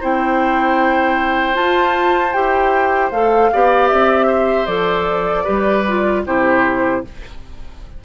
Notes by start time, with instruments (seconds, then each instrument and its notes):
0.00 bassoon C4, clarinet E4, oboe C5, flute G5
1.54 clarinet F4, bassoon F4, flute A5
2.32 bassoon E4, clarinet G4, flute G5
3.11 bassoon A3, clarinet A4, flute F5
3.53 bassoon B3, clarinet G4, oboe D5
3.88 bassoon C4, flute E5
4.26 oboe C5
4.66 bassoon F3, clarinet A4, flute D5
5.44 bassoon G3, clarinet G4, oboe B4
5.88 clarinet F4
6.26 bassoon C3, clarinet E4, oboe G4, flute C5